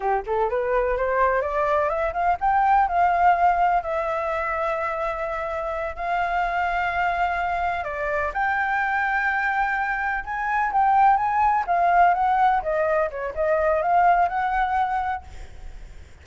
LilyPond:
\new Staff \with { instrumentName = "flute" } { \time 4/4 \tempo 4 = 126 g'8 a'8 b'4 c''4 d''4 | e''8 f''8 g''4 f''2 | e''1~ | e''8 f''2.~ f''8~ |
f''8 d''4 g''2~ g''8~ | g''4. gis''4 g''4 gis''8~ | gis''8 f''4 fis''4 dis''4 cis''8 | dis''4 f''4 fis''2 | }